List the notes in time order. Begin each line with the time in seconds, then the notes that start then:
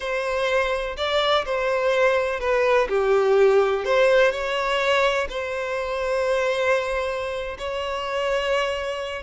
0.00 C5
0.96 D5
1.45 C5
2.40 B4
2.88 G4
3.84 C5
4.31 C#5
5.29 C5
7.58 C#5